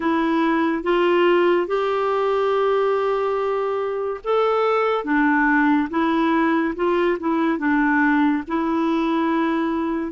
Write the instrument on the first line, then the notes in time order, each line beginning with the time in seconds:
clarinet
0.00 E4
0.83 F4
1.67 G4
4.24 A4
5.04 D4
5.90 E4
6.75 F4
7.19 E4
7.58 D4
8.47 E4